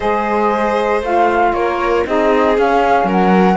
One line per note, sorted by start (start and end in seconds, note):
0.00 1.01 G#3
0.00 1.02 G#4
0.00 1.52 C5
0.00 1.02 D#5
1.01 1.52 A3
1.01 2.05 F4
1.01 1.53 F5
1.52 2.04 A#3
1.52 2.06 A#4
1.52 2.05 C#5
2.06 2.57 C4
2.06 2.55 D#4
2.06 3.07 G#4
2.06 2.58 D#5
2.55 3.56 C#4
2.55 3.04 C#4
2.55 3.10 F5
3.04 3.55 F#3
3.04 3.56 A#4
3.11 3.56 F#5